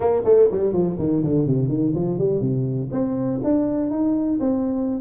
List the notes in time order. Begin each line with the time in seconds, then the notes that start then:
0.00 A#3
0.24 A3
0.51 G3
0.72 F3
0.99 D#3
1.23 D3
1.46 C3
1.68 D#3
1.94 F3
2.18 G3
2.41 C3
2.91 C4
3.43 D4
3.90 D#4
4.40 C4